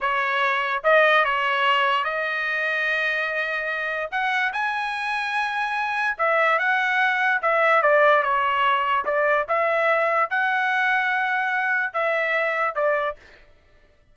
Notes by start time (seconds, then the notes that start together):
0.00 C#5
0.83 D#5
1.24 C#5
2.04 D#5
4.11 F#5
4.52 G#5
6.18 E5
6.58 F#5
7.42 E5
7.82 D5
8.22 C#5
9.05 D5
9.48 E5
10.29 F#5
11.93 E5
12.75 D5